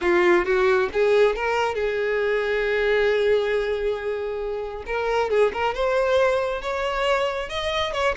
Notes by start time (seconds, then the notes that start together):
0.01 F4
0.45 F#4
0.92 G#4
1.35 A#4
1.74 G#4
4.86 A#4
5.29 G#4
5.53 A#4
5.74 C5
6.61 C#5
7.49 D#5
7.93 C#5